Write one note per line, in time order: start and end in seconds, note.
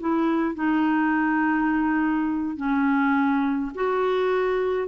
0.00 0.55 E4
0.55 2.57 D#4
2.57 3.72 C#4
3.75 4.89 F#4